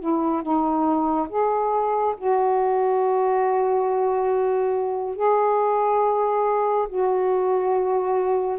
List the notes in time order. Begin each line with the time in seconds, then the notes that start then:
0.00 E4
0.42 D#4
1.29 G#4
2.17 F#4
5.16 G#4
6.89 F#4